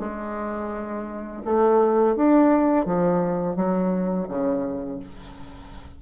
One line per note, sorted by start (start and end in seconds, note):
0.00 1.43 G#3
1.45 2.17 A3
2.17 2.86 D4
2.86 3.56 F3
3.56 4.28 F#3
4.29 5.00 C#3